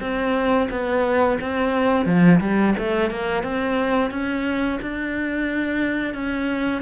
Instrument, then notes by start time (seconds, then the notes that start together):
cello
0.00 C4
0.70 B3
1.41 C4
2.05 F3
2.40 G3
2.78 A3
3.10 A#3
3.43 C4
4.11 C#4
4.81 D4
6.14 C#4